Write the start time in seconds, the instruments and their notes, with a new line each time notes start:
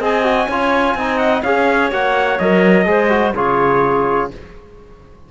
0.00 cello C4, trombone G#4, clarinet D#5, trumpet G#5
0.24 trombone F#4
0.48 cello C#4, trombone F4, clarinet C#5
0.95 cello C4, trombone D#4, clarinet D#5
1.18 trumpet F#5
1.43 cello C#4, trombone G#4, clarinet C#5, trumpet F5
1.92 cello A#3, trombone F#4, trumpet F#5
2.39 cello F#3, trombone A#4, trumpet D#5
2.86 cello G#3, trombone G#4, clarinet C5
3.10 trombone F#4
3.36 cello C#3, trombone F4, clarinet G#4, trumpet C#5